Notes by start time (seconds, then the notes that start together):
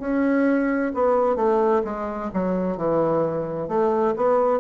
0.00 C#4
0.94 B3
1.36 A3
1.85 G#3
2.34 F#3
2.77 E3
3.68 A3
4.17 B3